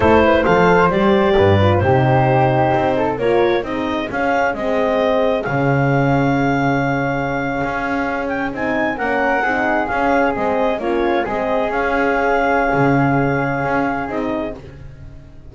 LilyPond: <<
  \new Staff \with { instrumentName = "clarinet" } { \time 4/4 \tempo 4 = 132 c''4 f''4 d''2 | c''2. cis''4 | dis''4 f''4 dis''2 | f''1~ |
f''2~ f''16 g''8 gis''4 fis''16~ | fis''4.~ fis''16 f''4 dis''4 cis''16~ | cis''8. dis''4 f''2~ f''16~ | f''2. dis''4 | }
  \new Staff \with { instrumentName = "flute" } { \time 4/4 a'8 b'8 c''2 b'4 | g'2~ g'8 a'8 ais'4 | gis'1~ | gis'1~ |
gis'2.~ gis'8. ais'16~ | ais'8. gis'2. f'16~ | f'8. gis'2.~ gis'16~ | gis'1 | }
  \new Staff \with { instrumentName = "horn" } { \time 4/4 e'4 a'4 g'4. f'8 | dis'2. f'4 | dis'4 cis'4 c'2 | cis'1~ |
cis'2~ cis'8. dis'4 cis'16~ | cis'8. dis'4 cis'4 c'4 cis'16~ | cis'8. c'4 cis'2~ cis'16~ | cis'2. dis'4 | }
  \new Staff \with { instrumentName = "double bass" } { \time 4/4 a4 f4 g4 g,4 | c2 c'4 ais4 | c'4 cis'4 gis2 | cis1~ |
cis8. cis'2 c'4 ais16~ | ais8. c'4 cis'4 gis4 ais16~ | ais8. gis4 cis'2~ cis'16 | cis2 cis'4 c'4 | }
>>